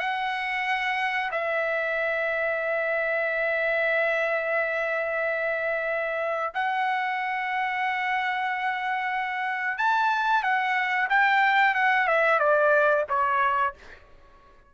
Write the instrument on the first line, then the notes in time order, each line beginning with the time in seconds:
trumpet
0.00 F#5
1.31 E5
6.54 F#5
9.78 A5
10.43 F#5
11.10 G5
11.75 F#5
12.07 E5
12.40 D5
13.09 C#5